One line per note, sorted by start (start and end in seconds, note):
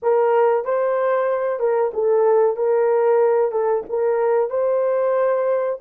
0.02 0.65 A#4
0.65 1.59 C5
1.59 1.91 A#4
1.93 2.56 A4
2.56 3.51 A#4
3.51 3.83 A4
3.89 4.50 A#4
4.50 5.79 C5